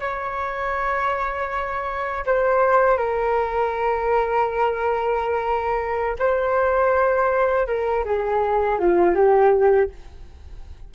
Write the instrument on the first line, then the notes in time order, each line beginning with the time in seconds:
flute
0.00 C#5
2.26 C5
2.98 A#4
6.19 C5
7.67 A#4
8.05 G#4
8.79 F4
9.15 G4